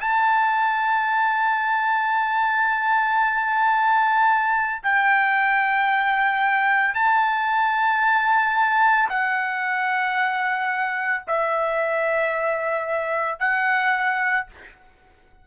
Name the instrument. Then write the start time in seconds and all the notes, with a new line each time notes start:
trumpet
0.00 A5
4.83 G5
6.94 A5
9.10 F#5
11.27 E5
13.39 F#5